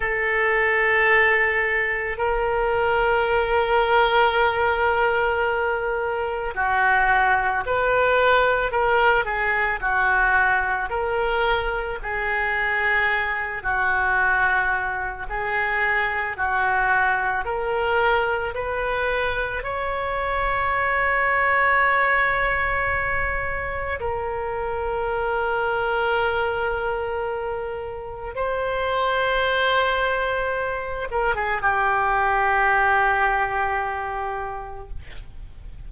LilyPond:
\new Staff \with { instrumentName = "oboe" } { \time 4/4 \tempo 4 = 55 a'2 ais'2~ | ais'2 fis'4 b'4 | ais'8 gis'8 fis'4 ais'4 gis'4~ | gis'8 fis'4. gis'4 fis'4 |
ais'4 b'4 cis''2~ | cis''2 ais'2~ | ais'2 c''2~ | c''8 ais'16 gis'16 g'2. | }